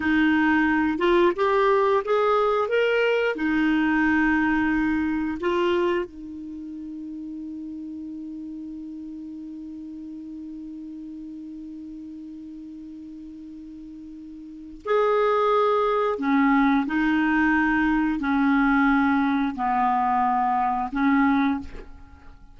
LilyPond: \new Staff \with { instrumentName = "clarinet" } { \time 4/4 \tempo 4 = 89 dis'4. f'8 g'4 gis'4 | ais'4 dis'2. | f'4 dis'2.~ | dis'1~ |
dis'1~ | dis'2 gis'2 | cis'4 dis'2 cis'4~ | cis'4 b2 cis'4 | }